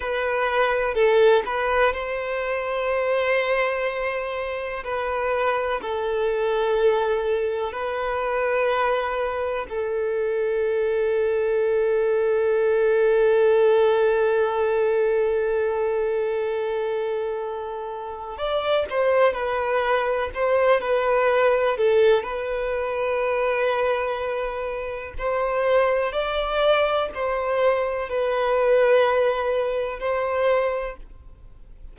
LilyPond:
\new Staff \with { instrumentName = "violin" } { \time 4/4 \tempo 4 = 62 b'4 a'8 b'8 c''2~ | c''4 b'4 a'2 | b'2 a'2~ | a'1~ |
a'2. d''8 c''8 | b'4 c''8 b'4 a'8 b'4~ | b'2 c''4 d''4 | c''4 b'2 c''4 | }